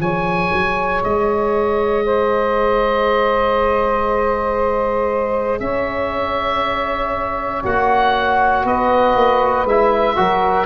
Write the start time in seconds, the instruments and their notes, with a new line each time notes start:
0.00 tuba F3, trombone G#4, saxophone C#5, oboe G#5
0.53 tuba F#3
1.04 tuba G#3, oboe D#5
2.05 saxophone C5
5.60 tuba C#4, saxophone C#5, oboe E5
7.64 tuba A#3, trombone F#4, oboe F#5
8.64 tuba B3, saxophone B4, oboe D#5
9.16 tuba A#3
9.65 tuba G#3, trombone E4, oboe E5
10.17 tuba F#3, trombone F#4, saxophone A#4